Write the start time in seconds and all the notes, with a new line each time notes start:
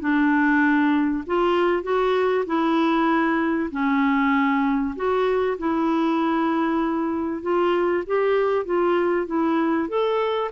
0.00 D4
1.26 F4
1.83 F#4
2.46 E4
3.71 C#4
4.95 F#4
5.58 E4
7.42 F4
8.06 G4
8.65 F4
9.26 E4
9.88 A4